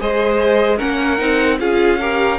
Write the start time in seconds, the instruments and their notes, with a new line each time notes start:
0.00 cello G#3, viola G#4, violin C5 D#5
0.77 cello A#3, viola C#4, violin A#4 F#5
1.18 cello C4, viola D#4
1.60 cello C#4, viola F4, violin G#4 F5
2.00 viola G4, violin A#4